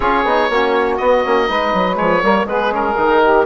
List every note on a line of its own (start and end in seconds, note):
0.00 0.24 C#4
0.00 0.24 F4
0.00 0.49 G#4
0.00 0.95 C#5
0.24 0.49 B3
0.24 0.51 D#4
0.49 0.99 A#3
0.49 1.00 C#4
0.49 1.48 F#4
0.97 1.24 B3
0.97 1.25 B3
0.97 1.96 D#5
1.24 1.49 A#3
1.24 1.47 C#4
1.47 1.73 G#3
1.47 1.95 D#4
1.47 2.22 B4
1.73 1.98 F#3
1.95 2.23 F3
1.95 2.19 G#3
1.95 2.46 C#5
2.22 2.45 G3
2.22 2.47 A#3
2.22 2.47 A#4
2.45 2.94 G#3
2.45 2.70 B3
2.45 3.22 G#4
2.45 2.73 B4
2.70 2.95 C#4
2.70 3.45 A#4
2.97 3.45 D#3
2.97 3.45 D#4
3.22 3.45 G4